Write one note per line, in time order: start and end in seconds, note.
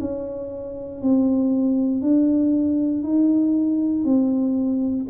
0.00 1.02 C#4
1.02 2.02 C4
2.02 3.03 D4
3.03 4.04 D#4
4.04 5.06 C4